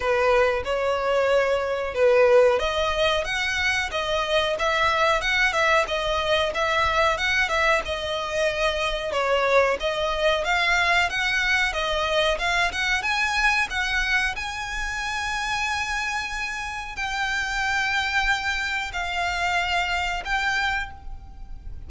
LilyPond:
\new Staff \with { instrumentName = "violin" } { \time 4/4 \tempo 4 = 92 b'4 cis''2 b'4 | dis''4 fis''4 dis''4 e''4 | fis''8 e''8 dis''4 e''4 fis''8 e''8 | dis''2 cis''4 dis''4 |
f''4 fis''4 dis''4 f''8 fis''8 | gis''4 fis''4 gis''2~ | gis''2 g''2~ | g''4 f''2 g''4 | }